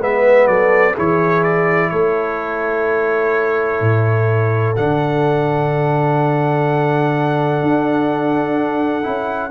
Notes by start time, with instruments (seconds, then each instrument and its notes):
0.00 tuba G#3, trombone B3, horn B4, trumpet E5
0.47 tuba F#3, horn A4, trumpet D5
0.94 tuba E3, trombone E4, horn G#4, trumpet C#5
1.43 trumpet D5
1.90 tuba A3, horn A4, trumpet C#5
3.80 tuba A2
4.76 tuba D3, trombone D4, trumpet F#5
7.62 tuba D4
9.03 tuba C#4, trombone E4